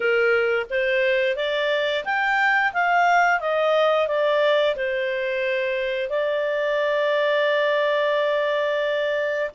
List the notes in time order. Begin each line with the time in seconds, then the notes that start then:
0.00 A#4
0.70 C5
1.36 D5
2.05 G5
2.73 F5
3.40 D#5
4.07 D5
4.76 C5
6.09 D5